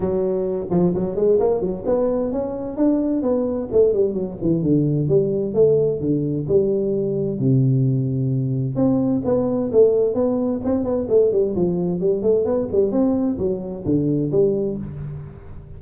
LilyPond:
\new Staff \with { instrumentName = "tuba" } { \time 4/4 \tempo 4 = 130 fis4. f8 fis8 gis8 ais8 fis8 | b4 cis'4 d'4 b4 | a8 g8 fis8 e8 d4 g4 | a4 d4 g2 |
c2. c'4 | b4 a4 b4 c'8 b8 | a8 g8 f4 g8 a8 b8 g8 | c'4 fis4 d4 g4 | }